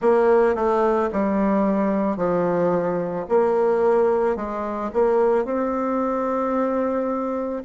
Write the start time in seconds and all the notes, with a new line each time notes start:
0.01 A#3
0.55 A3
1.12 G3
2.16 F3
3.28 A#3
4.36 G#3
4.93 A#3
5.44 C4